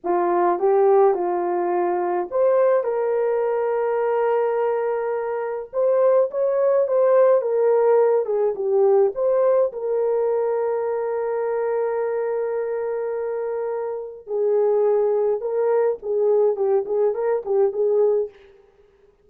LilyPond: \new Staff \with { instrumentName = "horn" } { \time 4/4 \tempo 4 = 105 f'4 g'4 f'2 | c''4 ais'2.~ | ais'2 c''4 cis''4 | c''4 ais'4. gis'8 g'4 |
c''4 ais'2.~ | ais'1~ | ais'4 gis'2 ais'4 | gis'4 g'8 gis'8 ais'8 g'8 gis'4 | }